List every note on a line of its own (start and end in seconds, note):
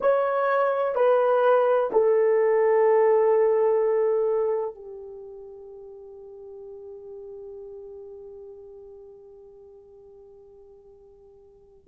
0.00 0.95 C#5
0.95 1.90 B4
1.92 4.74 A4
4.74 11.87 G4